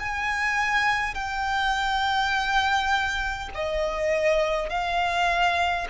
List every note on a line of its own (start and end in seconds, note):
0.00 1.15 G#5
1.15 3.50 G5
3.55 4.70 D#5
4.70 5.88 F5